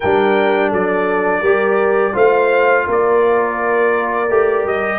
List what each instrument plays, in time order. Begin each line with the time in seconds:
0.00 tuba G3, trombone D4, horn A#4, trumpet G5
0.69 tuba F#3, horn A4, trumpet D5
1.41 tuba G3, trombone G4, horn A#4
2.13 tuba A3, trombone F4, horn C5, trumpet F5
2.87 tuba A#3, horn A#4, trumpet D5
4.29 tuba A3, trombone G4
4.64 tuba G3, trumpet D#5